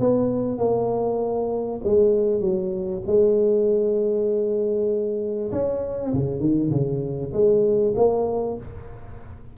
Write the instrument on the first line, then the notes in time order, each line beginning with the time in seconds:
tuba
0.00 B3
0.58 A#3
1.84 G#3
2.41 F#3
3.07 G#3
5.52 C#4
6.14 C#3
6.40 D#3
6.71 C#3
7.33 G#3
7.96 A#3